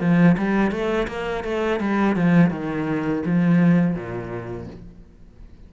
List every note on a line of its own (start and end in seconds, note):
0.00 0.36 F3
0.37 0.71 G3
0.71 1.07 A3
1.07 1.44 A#3
1.44 1.80 A3
1.80 2.16 G3
2.16 2.50 F3
2.50 3.22 D#3
3.25 3.95 F3
3.95 4.67 A#2